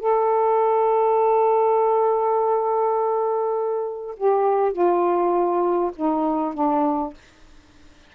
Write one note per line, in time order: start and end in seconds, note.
0.00 4.16 A4
4.17 4.73 G4
4.73 5.92 F4
5.96 6.54 D#4
6.54 7.14 D4